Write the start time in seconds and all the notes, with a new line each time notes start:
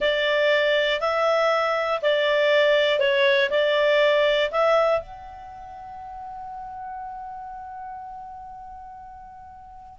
0.00 D5
1.00 E5
2.01 D5
2.99 C#5
3.50 D5
4.51 E5
5.00 F#5